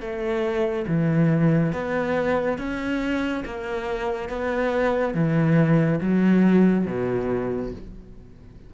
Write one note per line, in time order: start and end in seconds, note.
0.00 0.86 A3
0.87 1.72 E3
1.72 2.58 B3
2.58 3.44 C#4
3.45 4.29 A#3
4.29 5.14 B3
5.14 6.00 E3
6.01 6.86 F#3
6.86 7.72 B2